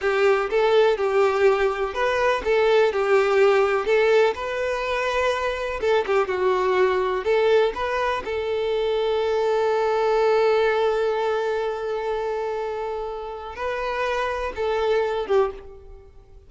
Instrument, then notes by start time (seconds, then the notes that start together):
violin
0.01 G4
0.50 A4
0.97 G4
1.94 B4
2.44 A4
2.92 G4
3.85 A4
4.34 B4
5.80 A4
6.06 G4
6.27 F#4
7.24 A4
7.74 B4
8.24 A4
13.55 B4
14.55 A4
15.27 G4